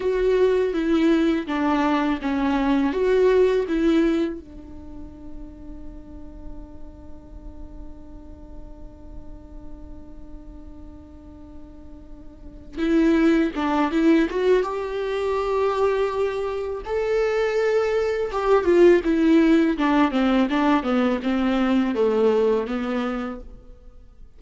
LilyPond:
\new Staff \with { instrumentName = "viola" } { \time 4/4 \tempo 4 = 82 fis'4 e'4 d'4 cis'4 | fis'4 e'4 d'2~ | d'1~ | d'1~ |
d'4. e'4 d'8 e'8 fis'8 | g'2. a'4~ | a'4 g'8 f'8 e'4 d'8 c'8 | d'8 b8 c'4 a4 b4 | }